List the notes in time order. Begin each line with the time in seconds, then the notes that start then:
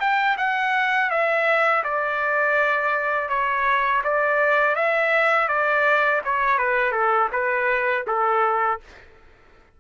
0.00 G5
0.37 F#5
1.10 E5
1.84 D5
3.29 C#5
4.04 D5
4.75 E5
5.48 D5
6.25 C#5
6.58 B4
6.92 A4
7.32 B4
8.07 A4